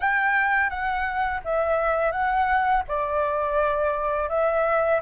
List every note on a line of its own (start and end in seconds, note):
0.00 0.69 G5
0.69 1.41 F#5
1.44 2.11 E5
2.11 2.82 F#5
2.87 4.29 D5
4.29 5.00 E5